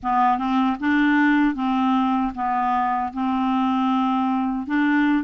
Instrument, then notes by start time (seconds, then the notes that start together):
clarinet
0.02 B3
0.38 C4
0.80 D4
1.54 C4
2.34 B3
3.13 C4
4.66 D4